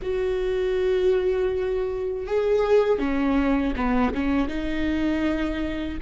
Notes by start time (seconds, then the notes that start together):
0.01 F#4
2.26 G#4
2.98 C#4
3.76 B3
4.14 C#4
4.48 D#4